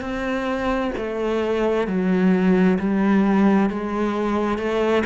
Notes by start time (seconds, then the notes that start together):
0.00 C4
0.97 A3
1.87 F#3
2.79 G3
3.69 G#3
4.58 A3